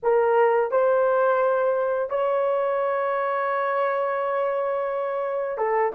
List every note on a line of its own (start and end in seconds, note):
0.02 0.71 A#4
0.71 2.09 C5
2.09 5.57 C#5
5.57 5.92 A4